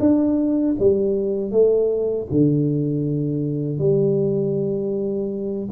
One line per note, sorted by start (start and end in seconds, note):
0.00 0.76 D4
0.79 1.51 G3
1.51 2.27 A3
2.31 3.79 D3
3.79 5.69 G3